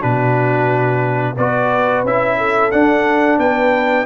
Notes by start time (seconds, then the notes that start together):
0.00 B2 D4 F#4 B4
1.37 B3 F#4 B4 D5
2.04 C#4 E4 E5
2.38 A4
2.72 D4 F#5
3.38 B3 B4 G5